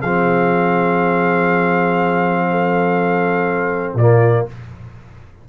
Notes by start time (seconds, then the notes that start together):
0.00 F3 C4 G#4 F5
2.50 A4
3.94 A#2 A#3 F4 D5